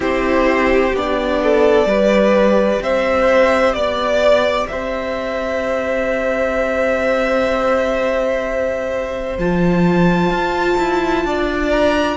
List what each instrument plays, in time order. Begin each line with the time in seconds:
0.00 cello C4, viola E4, violin G4 C5
0.93 cello B3, viola D4, violin D5
1.43 violin A4
1.85 cello G3, viola G4, violin B4
2.81 cello C4, violin C5 E5
3.73 cello B3, violin D5
4.68 cello C4, violin C5 E5
9.38 cello F3, viola F4, violin A5
10.29 cello F4
10.78 cello E4
11.24 cello D4, violin D5
11.70 violin A#5